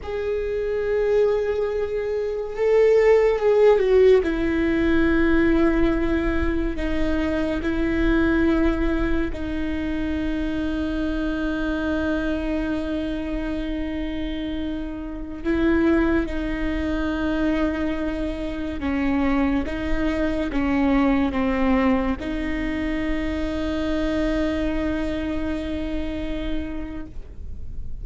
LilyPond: \new Staff \with { instrumentName = "viola" } { \time 4/4 \tempo 4 = 71 gis'2. a'4 | gis'8 fis'8 e'2. | dis'4 e'2 dis'4~ | dis'1~ |
dis'2~ dis'16 e'4 dis'8.~ | dis'2~ dis'16 cis'4 dis'8.~ | dis'16 cis'4 c'4 dis'4.~ dis'16~ | dis'1 | }